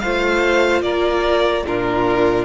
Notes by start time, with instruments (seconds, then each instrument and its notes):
0.00 cello A3, viola F4, violin C5 F5
0.82 cello A#3, violin A#4 D5
1.66 cello A#2, viola D4, violin F4 A#4